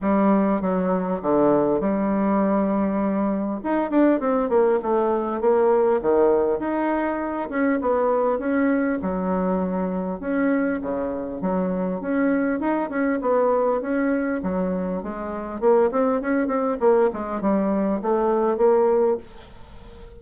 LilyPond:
\new Staff \with { instrumentName = "bassoon" } { \time 4/4 \tempo 4 = 100 g4 fis4 d4 g4~ | g2 dis'8 d'8 c'8 ais8 | a4 ais4 dis4 dis'4~ | dis'8 cis'8 b4 cis'4 fis4~ |
fis4 cis'4 cis4 fis4 | cis'4 dis'8 cis'8 b4 cis'4 | fis4 gis4 ais8 c'8 cis'8 c'8 | ais8 gis8 g4 a4 ais4 | }